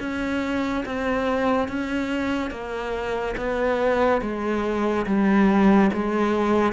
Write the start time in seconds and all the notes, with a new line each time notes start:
0.00 C#4
0.86 C4
1.68 C#4
2.51 A#3
3.37 B3
4.22 G#3
5.06 G3
5.93 G#3